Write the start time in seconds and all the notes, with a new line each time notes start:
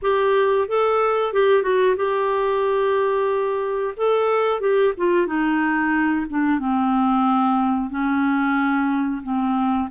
0.02 G4
0.68 A4
1.33 G4
1.62 F#4
1.96 G4
3.96 A4
4.60 G4
4.97 F4
5.27 D#4
6.29 D4
6.59 C4
7.89 C#4
9.22 C4